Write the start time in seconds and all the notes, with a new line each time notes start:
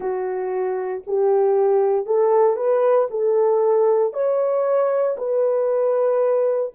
0.00 F#4
1.06 G4
2.05 A4
2.56 B4
3.10 A4
4.13 C#5
5.17 B4